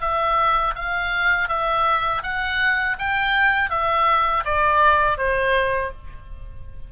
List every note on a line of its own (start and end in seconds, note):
0.00 0.74 E5
0.75 1.48 F5
1.48 2.22 E5
2.23 2.97 F#5
2.99 3.70 G5
3.70 4.44 E5
4.44 5.18 D5
5.18 5.92 C5